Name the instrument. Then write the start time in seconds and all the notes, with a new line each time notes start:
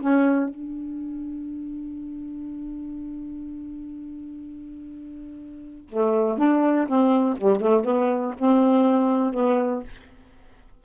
saxophone
0.00 C#4
0.49 D4
5.89 A3
6.38 D4
6.87 C4
7.37 G3
7.61 A3
7.84 B3
8.38 C4
9.33 B3